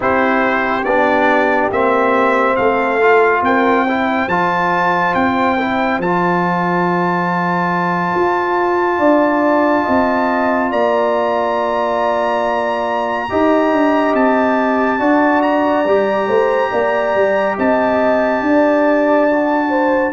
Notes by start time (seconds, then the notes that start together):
0.00 C4 E4 G4 C5
0.84 B3 D4 D5
1.71 A#3 C4 E5
2.56 A3 A4 F5
3.01 F4
3.41 C4 A#4 G5
3.86 E4 C5
4.27 F3 F4 A5
5.14 C4 G5
5.59 E4
5.98 F3 F4 A5
8.15 F4
8.98 D4 D5
9.83 C4 D#5
10.71 A#3 D5 A#5
13.29 D#4 G4 D#5
13.72 D4
14.13 C4 A5
14.99 D4 F#4 D5
15.42 A#5
15.84 G3 G4
16.27 A3 C5
16.71 A#3 D5
17.14 G3
17.57 C4 D#5 A5
18.41 D4 D5
19.29 F#4
19.69 C5